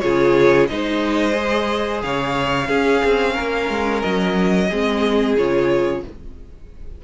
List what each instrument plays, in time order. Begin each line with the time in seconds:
0.00 cello C#3, viola F4, violin G#4 C#5
0.68 cello G#3, viola D#4, violin C5 D#5
1.32 viola G#4
2.03 cello C#3, violin C#5 F5
2.68 viola C#4, cello C#4, violin G#4
3.05 cello C4
3.34 cello A#3, violin A#4
3.69 cello G#3
4.02 cello F#3, violin D#5
4.69 cello G#3, viola C4, violin G#4
5.37 cello C#3, viola F4, violin C#5